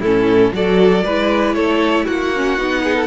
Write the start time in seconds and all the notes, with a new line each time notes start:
0.00 A2 C#4 E4 A4
0.53 F#3 F#4 A4 D5
1.05 G#3 E4 B4
1.55 A3 A4 C#5
2.05 A#3 F#4 F#5
2.36 C#4
2.57 B3 D#4
2.84 G#4
2.96 A4